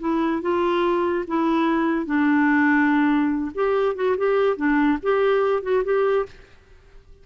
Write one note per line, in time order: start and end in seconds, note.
0.00 0.42 E4
0.42 1.25 F4
1.28 2.06 E4
2.06 3.52 D4
3.55 3.95 G4
3.95 4.16 F#4
4.18 4.57 G4
4.57 4.98 D4
5.03 5.62 G4
5.62 5.83 F#4
5.84 6.26 G4